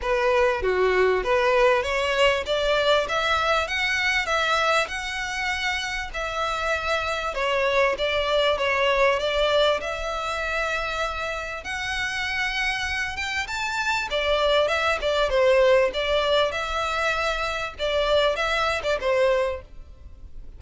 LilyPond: \new Staff \with { instrumentName = "violin" } { \time 4/4 \tempo 4 = 98 b'4 fis'4 b'4 cis''4 | d''4 e''4 fis''4 e''4 | fis''2 e''2 | cis''4 d''4 cis''4 d''4 |
e''2. fis''4~ | fis''4. g''8 a''4 d''4 | e''8 d''8 c''4 d''4 e''4~ | e''4 d''4 e''8. d''16 c''4 | }